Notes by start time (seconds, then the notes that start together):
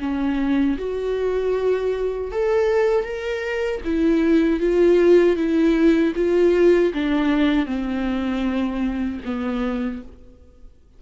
0.00 C#4
0.78 F#4
2.31 A4
3.04 A#4
3.85 E4
4.60 F4
5.36 E4
6.16 F4
6.94 D4
7.66 C4
9.25 B3